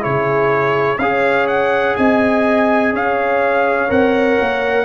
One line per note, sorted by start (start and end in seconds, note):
0.00 0.98 C#3
0.00 0.97 E4
0.00 0.97 G#4
0.00 0.98 C#5
0.98 1.95 C#4
0.98 3.88 G#4
0.98 1.97 C#5
0.98 1.46 F5
1.47 1.95 F#5
1.96 2.93 C4
1.96 2.94 D#5
1.96 2.93 G#5
2.93 3.90 C#4
2.93 4.84 C#5
2.93 3.91 F5
3.88 4.38 C4
3.88 4.84 A#4
3.88 4.84 F#5
4.40 4.84 A#3